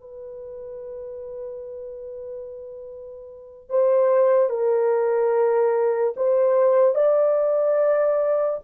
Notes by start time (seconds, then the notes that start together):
0.00 B4
3.69 C5
4.49 A#4
6.16 C5
6.95 D5